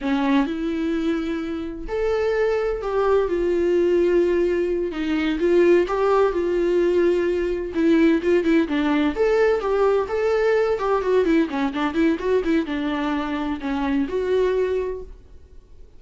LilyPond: \new Staff \with { instrumentName = "viola" } { \time 4/4 \tempo 4 = 128 cis'4 e'2. | a'2 g'4 f'4~ | f'2~ f'8 dis'4 f'8~ | f'8 g'4 f'2~ f'8~ |
f'8 e'4 f'8 e'8 d'4 a'8~ | a'8 g'4 a'4. g'8 fis'8 | e'8 cis'8 d'8 e'8 fis'8 e'8 d'4~ | d'4 cis'4 fis'2 | }